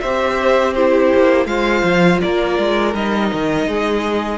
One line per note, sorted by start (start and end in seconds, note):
0.00 1.13 C4
0.00 0.76 G4
0.00 0.74 C5
0.00 0.73 E5
0.74 1.47 E4
0.74 1.47 G4
0.74 1.46 C5
1.14 1.45 A#3
1.45 1.82 G#3
1.45 2.94 F4
1.45 2.22 C5
1.45 2.20 F5
1.83 2.20 F3
2.21 2.58 A#3
2.21 3.68 A#4
2.21 2.94 D5
2.58 2.94 G#3
2.94 3.31 G3
2.94 4.38 D#4
2.94 4.38 D#5
3.33 3.67 D#3
3.67 4.38 G#3
3.67 4.38 G#4